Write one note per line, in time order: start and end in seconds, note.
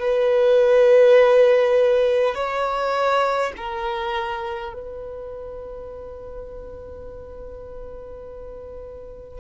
0.00 2.35 B4
2.35 3.52 C#5
3.57 4.73 A#4
4.73 9.40 B4